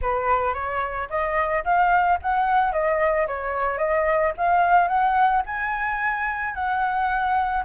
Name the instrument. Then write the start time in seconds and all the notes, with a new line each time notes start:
flute
0.01 B4
0.53 C#5
1.09 D#5
1.64 F5
2.21 F#5
2.72 D#5
3.27 C#5
3.78 D#5
4.37 F5
4.87 F#5
5.45 G#5
6.54 F#5